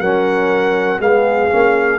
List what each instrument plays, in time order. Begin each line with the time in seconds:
0.00 tuba F#3, trombone C#4, horn A#4, trumpet F#5
0.99 tuba G#3, trombone B3, horn G#4, trumpet F5
1.50 tuba A#3, trombone C#4